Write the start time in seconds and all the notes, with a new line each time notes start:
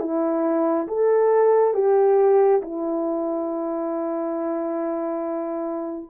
0.00 E4
0.88 A4
1.74 G4
2.62 E4